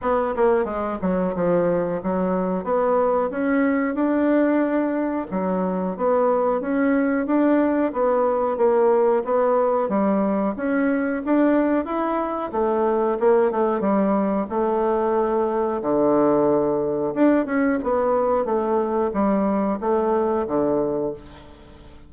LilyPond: \new Staff \with { instrumentName = "bassoon" } { \time 4/4 \tempo 4 = 91 b8 ais8 gis8 fis8 f4 fis4 | b4 cis'4 d'2 | fis4 b4 cis'4 d'4 | b4 ais4 b4 g4 |
cis'4 d'4 e'4 a4 | ais8 a8 g4 a2 | d2 d'8 cis'8 b4 | a4 g4 a4 d4 | }